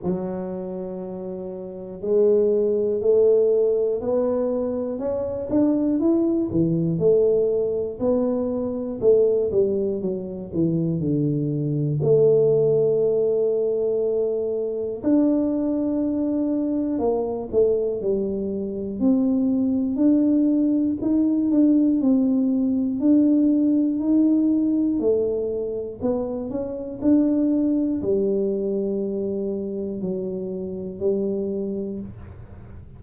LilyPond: \new Staff \with { instrumentName = "tuba" } { \time 4/4 \tempo 4 = 60 fis2 gis4 a4 | b4 cis'8 d'8 e'8 e8 a4 | b4 a8 g8 fis8 e8 d4 | a2. d'4~ |
d'4 ais8 a8 g4 c'4 | d'4 dis'8 d'8 c'4 d'4 | dis'4 a4 b8 cis'8 d'4 | g2 fis4 g4 | }